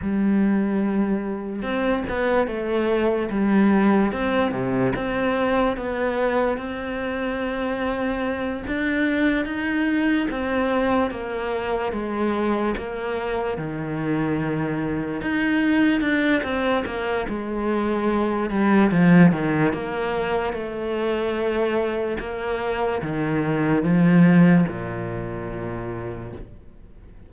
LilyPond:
\new Staff \with { instrumentName = "cello" } { \time 4/4 \tempo 4 = 73 g2 c'8 b8 a4 | g4 c'8 c8 c'4 b4 | c'2~ c'8 d'4 dis'8~ | dis'8 c'4 ais4 gis4 ais8~ |
ais8 dis2 dis'4 d'8 | c'8 ais8 gis4. g8 f8 dis8 | ais4 a2 ais4 | dis4 f4 ais,2 | }